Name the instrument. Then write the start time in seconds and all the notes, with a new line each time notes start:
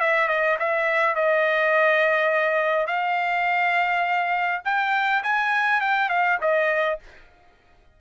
trumpet
0.00 E5
0.28 D#5
0.60 E5
1.16 D#5
2.87 F5
4.65 G5
5.23 G#5
5.81 G5
6.10 F5
6.41 D#5